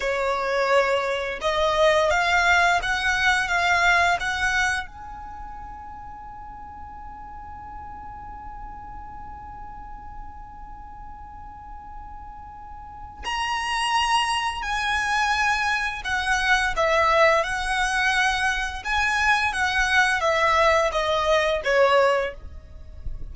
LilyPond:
\new Staff \with { instrumentName = "violin" } { \time 4/4 \tempo 4 = 86 cis''2 dis''4 f''4 | fis''4 f''4 fis''4 gis''4~ | gis''1~ | gis''1~ |
gis''2. ais''4~ | ais''4 gis''2 fis''4 | e''4 fis''2 gis''4 | fis''4 e''4 dis''4 cis''4 | }